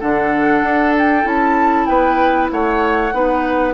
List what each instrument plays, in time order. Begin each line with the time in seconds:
0.00 bassoon D3, clarinet D4, oboe A4, flute F#5
0.62 bassoon D4
0.98 flute G5
1.22 bassoon C#4, clarinet E4, flute A5
1.85 bassoon B3, oboe B4, flute G5
2.51 bassoon A3, oboe C#5, flute F#5
3.12 bassoon B3, clarinet D#4, oboe B4